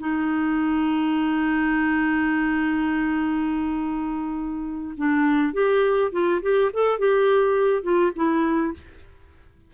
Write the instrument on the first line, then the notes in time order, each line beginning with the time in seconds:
clarinet
0.00 D#4
4.98 D4
5.54 G4
6.12 F4
6.42 G4
6.74 A4
6.99 G4
7.83 F4
8.16 E4